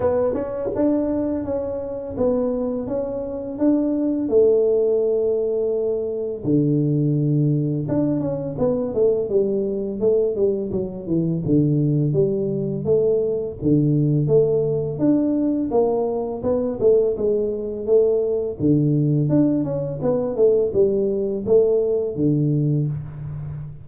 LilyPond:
\new Staff \with { instrumentName = "tuba" } { \time 4/4 \tempo 4 = 84 b8 cis'8 d'4 cis'4 b4 | cis'4 d'4 a2~ | a4 d2 d'8 cis'8 | b8 a8 g4 a8 g8 fis8 e8 |
d4 g4 a4 d4 | a4 d'4 ais4 b8 a8 | gis4 a4 d4 d'8 cis'8 | b8 a8 g4 a4 d4 | }